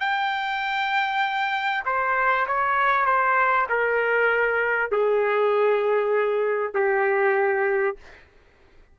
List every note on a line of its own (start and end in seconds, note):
0.00 1.84 G5
1.85 2.47 C5
2.47 3.06 C#5
3.06 3.67 C5
3.69 4.91 A#4
4.91 6.74 G#4
6.74 7.96 G4